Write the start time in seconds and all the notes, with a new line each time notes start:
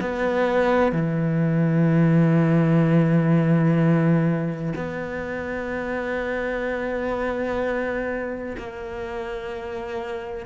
0.00 B3
0.92 E3
4.75 B3
8.58 A#3